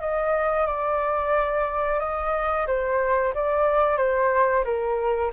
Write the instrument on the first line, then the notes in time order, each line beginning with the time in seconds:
flute
0.00 D#5
0.66 D5
1.99 D#5
2.67 C5
3.34 D5
3.97 C5
4.64 A#4